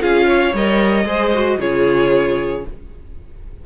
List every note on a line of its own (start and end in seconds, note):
0.00 0.54 C#4
0.00 0.53 F4
0.00 0.27 G#4
0.00 0.55 F5
0.27 1.06 C#5
0.54 1.05 G3
0.54 1.06 A#4
0.54 1.61 D#5
1.05 1.58 G#3
1.05 1.32 G#4
1.05 1.59 C5
1.35 1.61 F#4
1.59 2.65 C#3
1.59 2.66 F4
1.59 2.65 G#4
1.59 2.66 C#5